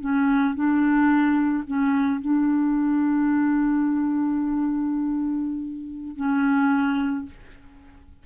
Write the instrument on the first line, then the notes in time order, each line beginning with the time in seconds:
clarinet
0.00 C#4
0.55 D4
1.67 C#4
2.21 D4
6.16 C#4